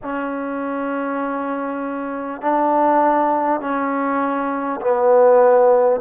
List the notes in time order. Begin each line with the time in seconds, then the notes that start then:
0.02 C#4
2.41 D4
3.60 C#4
4.80 B3